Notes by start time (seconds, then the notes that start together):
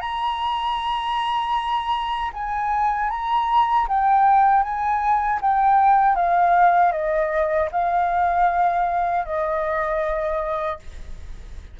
0.00 A#5
2.33 G#5
3.10 A#5
3.88 G5
4.62 G#5
5.41 G5
6.15 F5
6.92 D#5
7.71 F5
9.25 D#5